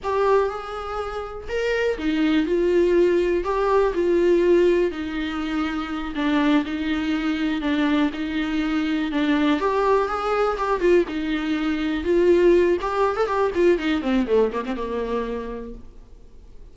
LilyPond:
\new Staff \with { instrumentName = "viola" } { \time 4/4 \tempo 4 = 122 g'4 gis'2 ais'4 | dis'4 f'2 g'4 | f'2 dis'2~ | dis'8 d'4 dis'2 d'8~ |
d'8 dis'2 d'4 g'8~ | g'8 gis'4 g'8 f'8 dis'4.~ | dis'8 f'4. g'8. a'16 g'8 f'8 | dis'8 c'8 a8 ais16 c'16 ais2 | }